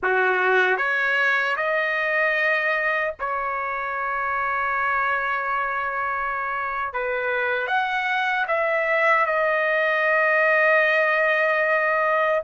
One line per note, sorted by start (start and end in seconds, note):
0.03 0.77 F#4
0.77 1.56 C#5
1.56 3.14 D#5
3.19 6.93 C#5
6.93 7.67 B4
7.67 8.46 F#5
8.47 9.26 E5
9.26 12.42 D#5